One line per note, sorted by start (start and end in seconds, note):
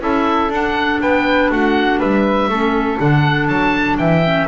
0.00 0.49 C#4
0.00 0.50 E4
0.00 1.02 A4
0.00 0.52 E5
0.49 0.99 D4
0.49 2.51 D4
0.49 1.01 F#5
1.01 1.51 B3
1.01 1.51 B4
1.01 1.51 G5
1.51 2.00 A3
1.51 1.99 F#4
1.51 2.00 F#5
1.99 2.49 G3
1.99 2.49 B4
1.99 2.99 E5
2.49 2.99 A3
2.49 2.98 C#4
2.49 3.99 A4
2.98 3.48 D3
2.98 4.22 D4
2.98 3.48 F#5
3.48 3.98 F#3
3.48 3.97 A5
3.98 4.48 E3
3.98 4.48 E5
3.98 4.48 G5
4.24 4.48 C#4